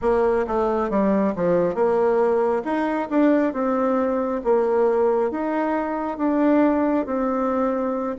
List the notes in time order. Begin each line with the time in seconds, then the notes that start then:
0.01 A#3
0.47 A3
0.89 G3
1.35 F3
1.74 A#3
2.64 D#4
3.10 D4
3.53 C4
4.44 A#3
5.31 D#4
6.17 D4
7.05 C4